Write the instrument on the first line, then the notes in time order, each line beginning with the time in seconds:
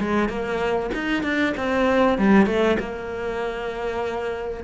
cello
0.00 G#3
0.29 A#3
0.94 D#4
1.23 D4
1.57 C4
2.18 G3
2.46 A3
2.79 A#3